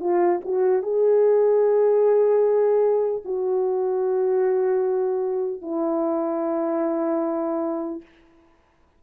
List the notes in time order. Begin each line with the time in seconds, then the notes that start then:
0.00 F4
0.45 F#4
0.83 G#4
3.25 F#4
5.62 E4